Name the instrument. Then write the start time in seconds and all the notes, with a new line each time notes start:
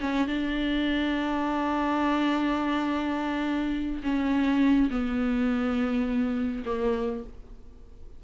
viola
0.00 C#4
0.27 D4
4.03 C#4
4.90 B3
6.65 A#3